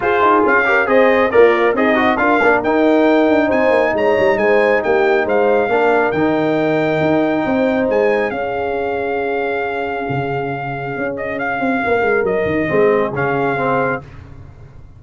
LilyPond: <<
  \new Staff \with { instrumentName = "trumpet" } { \time 4/4 \tempo 4 = 137 c''4 f''4 dis''4 d''4 | dis''4 f''4 g''2 | gis''4 ais''4 gis''4 g''4 | f''2 g''2~ |
g''2 gis''4 f''4~ | f''1~ | f''4. dis''8 f''2 | dis''2 f''2 | }
  \new Staff \with { instrumentName = "horn" } { \time 4/4 gis'4. ais'8 c''4 f'4 | dis'4 ais'2. | c''4 cis''4 c''4 g'4 | c''4 ais'2.~ |
ais'4 c''2 gis'4~ | gis'1~ | gis'2. ais'4~ | ais'4 gis'2. | }
  \new Staff \with { instrumentName = "trombone" } { \time 4/4 f'4. g'8 gis'4 ais'4 | gis'8 fis'8 f'8 d'8 dis'2~ | dis'1~ | dis'4 d'4 dis'2~ |
dis'2. cis'4~ | cis'1~ | cis'1~ | cis'4 c'4 cis'4 c'4 | }
  \new Staff \with { instrumentName = "tuba" } { \time 4/4 f'8 dis'8 cis'4 c'4 ais4 | c'4 d'8 ais8 dis'4. d'8 | c'8 ais8 gis8 g8 gis4 ais4 | gis4 ais4 dis2 |
dis'4 c'4 gis4 cis'4~ | cis'2. cis4~ | cis4 cis'4. c'8 ais8 gis8 | fis8 dis8 gis4 cis2 | }
>>